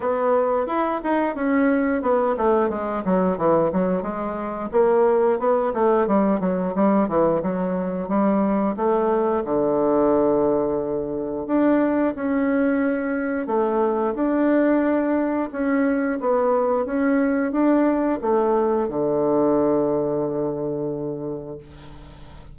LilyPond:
\new Staff \with { instrumentName = "bassoon" } { \time 4/4 \tempo 4 = 89 b4 e'8 dis'8 cis'4 b8 a8 | gis8 fis8 e8 fis8 gis4 ais4 | b8 a8 g8 fis8 g8 e8 fis4 | g4 a4 d2~ |
d4 d'4 cis'2 | a4 d'2 cis'4 | b4 cis'4 d'4 a4 | d1 | }